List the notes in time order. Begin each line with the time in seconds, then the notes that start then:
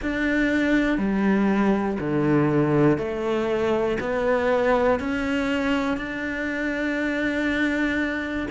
0.02 D4
0.98 G3
2.00 D3
2.98 A3
4.00 B3
4.99 C#4
5.97 D4